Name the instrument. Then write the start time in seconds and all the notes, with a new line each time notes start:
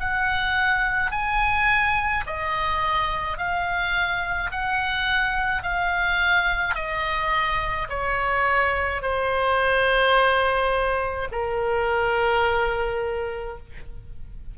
oboe
0.00 F#5
1.12 G#5
2.27 D#5
3.38 F5
4.52 F#5
5.63 F5
6.75 D#5
7.89 C#5
9.03 C5
11.32 A#4